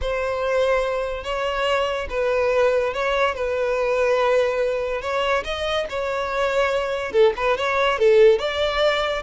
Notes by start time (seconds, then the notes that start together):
0.01 C5
1.23 C#5
2.09 B4
2.93 C#5
3.35 B4
5.01 C#5
5.44 D#5
5.89 C#5
7.12 A4
7.36 B4
7.57 C#5
7.99 A4
8.38 D5